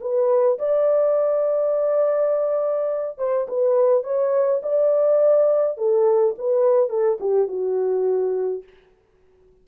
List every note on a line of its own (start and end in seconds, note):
0.00 0.58 B4
0.58 3.18 D5
3.18 3.46 C5
3.48 4.03 B4
4.03 4.61 C#5
4.62 5.77 D5
5.77 6.35 A4
6.37 6.89 B4
6.89 7.18 A4
7.20 7.47 G4
7.47 8.63 F#4